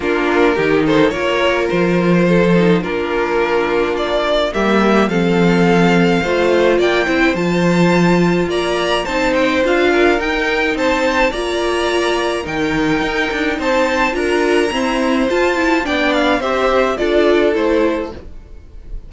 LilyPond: <<
  \new Staff \with { instrumentName = "violin" } { \time 4/4 \tempo 4 = 106 ais'4. c''8 cis''4 c''4~ | c''4 ais'2 d''4 | e''4 f''2. | g''4 a''2 ais''4 |
a''8 g''8 f''4 g''4 a''4 | ais''2 g''2 | a''4 ais''2 a''4 | g''8 f''8 e''4 d''4 c''4 | }
  \new Staff \with { instrumentName = "violin" } { \time 4/4 f'4 g'8 a'8 ais'2 | a'4 f'2. | g'4 a'2 c''4 | d''8 c''2~ c''8 d''4 |
c''4. ais'4. c''4 | d''2 ais'2 | c''4 ais'4 c''2 | d''4 c''4 a'2 | }
  \new Staff \with { instrumentName = "viola" } { \time 4/4 d'4 dis'4 f'2~ | f'8 dis'8 d'2. | ais4 c'2 f'4~ | f'8 e'8 f'2. |
dis'4 f'4 dis'2 | f'2 dis'2~ | dis'4 f'4 c'4 f'8 e'8 | d'4 g'4 f'4 e'4 | }
  \new Staff \with { instrumentName = "cello" } { \time 4/4 ais4 dis4 ais4 f4~ | f4 ais2. | g4 f2 a4 | ais8 c'8 f2 ais4 |
c'4 d'4 dis'4 c'4 | ais2 dis4 dis'8 d'8 | c'4 d'4 e'4 f'4 | b4 c'4 d'4 a4 | }
>>